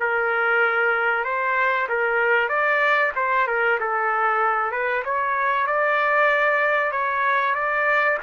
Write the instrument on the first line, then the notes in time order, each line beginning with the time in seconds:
trumpet
0.00 A#4
1.24 C5
1.88 A#4
2.49 D5
3.15 C5
3.47 A#4
3.80 A4
4.71 B4
5.04 C#5
5.66 D5
6.91 C#5
7.55 D5